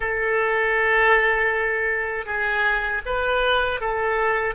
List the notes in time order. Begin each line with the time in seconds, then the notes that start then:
0.00 A4
2.25 G#4
3.05 B4
3.80 A4